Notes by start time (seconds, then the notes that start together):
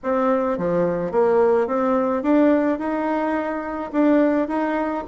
0.03 C4
0.58 F3
1.11 A#3
1.67 C4
2.22 D4
2.78 D#4
3.92 D4
4.48 D#4